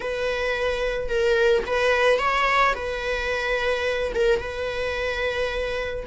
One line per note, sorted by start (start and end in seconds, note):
0.00 1.08 B4
1.08 1.63 A#4
1.66 2.18 B4
2.18 2.73 C#5
2.74 4.12 B4
4.14 4.39 A#4
4.39 6.05 B4